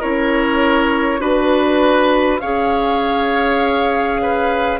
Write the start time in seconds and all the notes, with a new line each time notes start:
0.00 C#4 E4 A#4 C#5
1.20 D4 F#4 B4
2.40 C#4 G#4 C#5 F5
4.22 B4